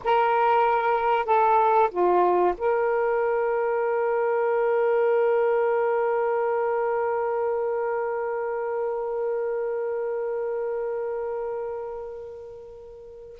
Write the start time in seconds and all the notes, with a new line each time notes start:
0.04 A#4
1.25 A4
1.90 F4
2.57 A#4